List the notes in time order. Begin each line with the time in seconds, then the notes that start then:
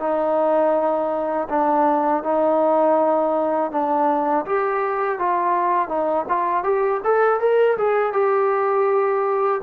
0.00 D#4
1.49 D4
2.24 D#4
3.72 D4
4.46 G4
5.19 F4
5.89 D#4
6.29 F4
6.64 G4
7.04 A4
7.40 A#4
7.78 G#4
8.13 G4